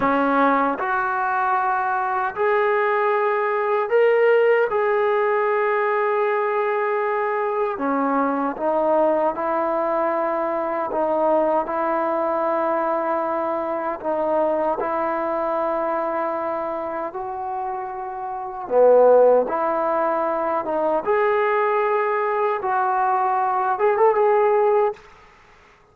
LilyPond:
\new Staff \with { instrumentName = "trombone" } { \time 4/4 \tempo 4 = 77 cis'4 fis'2 gis'4~ | gis'4 ais'4 gis'2~ | gis'2 cis'4 dis'4 | e'2 dis'4 e'4~ |
e'2 dis'4 e'4~ | e'2 fis'2 | b4 e'4. dis'8 gis'4~ | gis'4 fis'4. gis'16 a'16 gis'4 | }